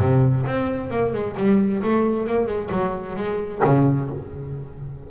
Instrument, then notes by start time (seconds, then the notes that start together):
double bass
0.00 C3
0.46 C4
0.91 A#3
1.13 G#3
1.37 G3
1.83 A3
2.27 A#3
2.47 G#3
2.71 F#3
3.16 G#3
3.65 C#3